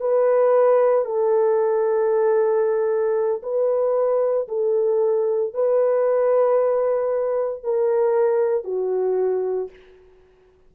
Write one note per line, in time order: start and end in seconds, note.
0.00 1.05 B4
1.05 3.42 A4
3.42 4.47 B4
4.48 5.54 A4
5.54 7.63 B4
7.63 8.64 A#4
8.64 9.69 F#4